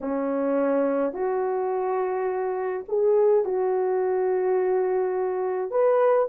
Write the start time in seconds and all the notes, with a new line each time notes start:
0.01 C#4
1.13 F#4
2.88 G#4
3.44 F#4
5.70 B4